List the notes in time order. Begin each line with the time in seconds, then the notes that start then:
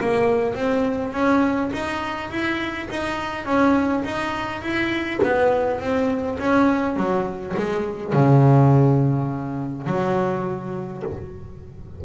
0.00 A#3
0.55 C4
1.12 C#4
1.72 D#4
2.30 E4
2.90 D#4
3.45 C#4
4.04 D#4
4.62 E4
5.22 B3
5.80 C4
6.39 C#4
6.96 F#3
7.56 G#3
8.13 C#3
9.87 F#3